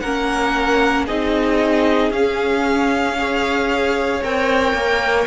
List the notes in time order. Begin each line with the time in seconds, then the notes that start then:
0.00 A#3 C#4 A#4 F#5
1.06 C4 D#4 G#4 D#5
2.11 C#4 F5
3.18 G#4 C#5
4.23 C4 A#4 G5
4.74 A#3